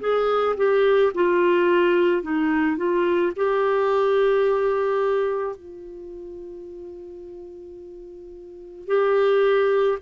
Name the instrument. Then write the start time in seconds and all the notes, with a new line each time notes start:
clarinet
0.00 G#4
0.57 G4
1.14 F4
2.22 D#4
2.77 F4
3.36 G4
5.56 F4
8.87 G4